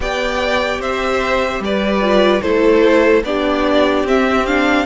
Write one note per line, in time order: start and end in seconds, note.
0.00 0.79 B3
0.00 2.01 G4
0.00 0.81 D5
0.00 0.81 G5
0.79 1.59 C4
0.79 1.62 C5
0.79 1.62 E5
1.59 2.41 G3
1.59 2.42 B4
1.59 2.41 D5
2.01 2.41 F4
2.41 3.23 A3
2.41 3.23 E4
2.41 3.23 A4
2.41 3.22 C5
3.23 4.04 B3
3.23 4.06 D4
3.23 4.86 G4
3.23 4.05 D5
4.04 4.85 C4
4.04 4.47 C4
4.04 4.46 E5
4.46 4.86 D4
4.46 4.86 F5